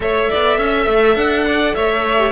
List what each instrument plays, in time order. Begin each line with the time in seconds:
0.00 cello A3, viola A4, violin C#5 E5
0.30 cello B3, violin D5
0.57 cello C#4, violin E5
0.87 cello A3
1.15 cello D4, violin F#5
1.46 violin D5
1.74 cello A3, violin C#5 E5
2.18 viola G4